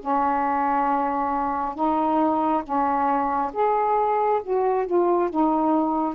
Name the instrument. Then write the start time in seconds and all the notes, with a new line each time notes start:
saxophone
0.00 C#4
1.75 D#4
2.63 C#4
3.53 G#4
4.43 F#4
4.86 F4
5.30 D#4